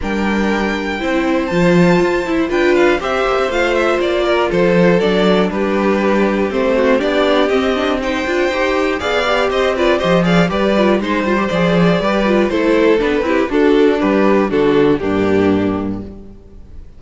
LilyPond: <<
  \new Staff \with { instrumentName = "violin" } { \time 4/4 \tempo 4 = 120 g''2. a''4~ | a''4 g''8 f''8 e''4 f''8 e''8 | d''4 c''4 d''4 b'4~ | b'4 c''4 d''4 dis''4 |
g''2 f''4 dis''8 d''8 | dis''8 f''8 d''4 c''4 d''4~ | d''4 c''4 b'4 a'4 | b'4 a'4 g'2 | }
  \new Staff \with { instrumentName = "violin" } { \time 4/4 ais'2 c''2~ | c''4 b'4 c''2~ | c''8 ais'8 a'2 g'4~ | g'4. fis'8 g'2 |
c''2 d''4 c''8 b'8 | c''8 d''8 b'4 c''2 | b'4 a'4. g'8 d'4~ | d'4 fis'4 d'2 | }
  \new Staff \with { instrumentName = "viola" } { \time 4/4 d'2 e'4 f'4~ | f'8 e'8 f'4 g'4 f'4~ | f'2 d'2~ | d'4 c'4 d'4 c'8 d'8 |
dis'8 f'8 g'4 gis'8 g'4 f'8 | g'8 gis'8 g'8 f'8 dis'8 f'16 g'16 gis'4 | g'8 f'8 e'4 d'8 e'8 fis'4 | g'4 d'4 ais2 | }
  \new Staff \with { instrumentName = "cello" } { \time 4/4 g2 c'4 f4 | f'8 e'8 d'4 c'8 ais16 c'16 a4 | ais4 f4 fis4 g4~ | g4 a4 b4 c'4~ |
c'8 d'8 dis'4 b4 c'4 | f4 g4 gis8 g8 f4 | g4 a4 b8 c'8 d'4 | g4 d4 g,2 | }
>>